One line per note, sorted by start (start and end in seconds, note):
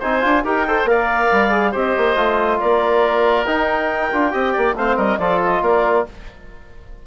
0.00 0.25 C4
0.00 0.21 D#4
0.00 0.43 C5
0.00 0.46 G#5
0.21 0.44 D4
0.21 0.42 F4
0.44 0.85 D#4
0.44 0.66 G4
0.44 0.67 A#4
0.44 0.88 G5
0.68 0.86 A4
0.68 0.90 C5
0.85 1.28 A#3
0.85 1.51 A#4
0.85 1.72 D5
0.85 1.74 F5
1.32 1.75 G3
1.51 1.73 G#4
1.72 1.97 C4
1.72 2.16 G4
1.72 2.58 C5
1.72 2.60 D#5
1.97 2.16 A#3
2.16 2.59 A3
2.16 3.46 F4
2.60 3.47 A#3
2.60 4.33 A#4
2.60 3.46 D5
3.46 4.12 D#4
3.46 4.76 G5
4.13 4.34 D4
4.13 4.32 F4
4.32 4.55 C4
4.32 4.75 G4
4.32 4.53 D#5
4.53 4.74 A#3
4.53 4.75 D5
4.74 4.96 A3
4.74 5.20 C4
4.74 4.97 C5
4.74 4.97 F5
4.97 5.18 G3
4.97 5.18 A#4
4.97 5.18 D#5
5.18 5.61 F3
5.18 6.06 F4
5.18 5.63 A4
5.18 5.40 D5
5.44 5.64 D#5
5.62 6.05 A#3
5.62 6.06 A#4
5.62 6.07 D5